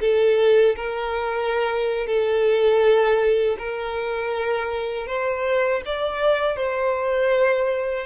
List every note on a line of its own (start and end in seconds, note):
0.00 0.75 A4
0.76 2.07 A#4
2.07 3.57 A4
3.58 5.07 A#4
5.07 5.82 C5
5.85 6.56 D5
6.56 8.06 C5